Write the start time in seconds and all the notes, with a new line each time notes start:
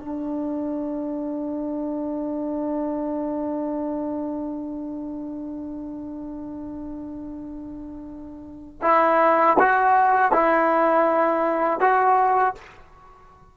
0.00 D4
8.82 E4
9.59 F#4
10.32 E4
11.80 F#4